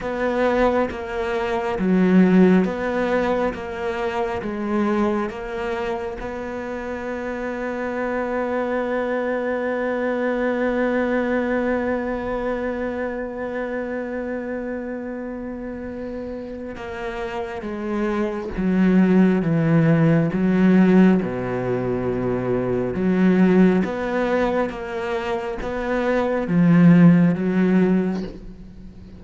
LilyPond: \new Staff \with { instrumentName = "cello" } { \time 4/4 \tempo 4 = 68 b4 ais4 fis4 b4 | ais4 gis4 ais4 b4~ | b1~ | b1~ |
b2. ais4 | gis4 fis4 e4 fis4 | b,2 fis4 b4 | ais4 b4 f4 fis4 | }